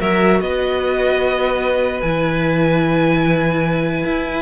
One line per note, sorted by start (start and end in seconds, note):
0.00 0.41 F#3
0.00 2.01 F#4
0.00 0.40 A#4
0.00 0.41 E5
0.41 2.02 B3
0.41 4.43 B4
0.41 2.01 D#5
2.01 4.05 E3
2.01 4.43 E4
2.01 4.43 G#5
4.05 4.43 E4